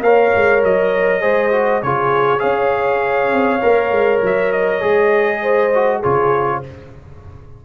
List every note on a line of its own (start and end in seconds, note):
0.00 0.30 A#3
0.00 1.21 A#4
0.00 1.22 C#5
0.00 0.63 F5
0.35 0.63 G#3
0.63 1.23 F#3
0.63 1.82 D#5
1.21 1.82 G#3
1.21 1.51 G#4
1.21 1.82 C5
1.52 1.82 F#4
1.82 2.43 C#3
1.82 2.39 F4
1.82 2.41 G#4
1.82 2.40 C#5
2.39 3.32 C#4
2.39 3.59 G#4
2.39 5.41 C#5
2.39 4.20 F5
3.32 3.62 C4
3.61 3.91 A#3
3.61 4.80 A#4
3.91 4.21 G#3
4.22 4.82 F#3
4.22 4.52 E5
4.52 6.02 D#5
4.80 6.02 G#3
4.80 5.70 G#4
5.42 5.99 C5
5.74 6.03 F#4
5.99 6.65 C#3
5.99 6.63 F4
5.99 6.59 G#4
5.99 6.63 C#5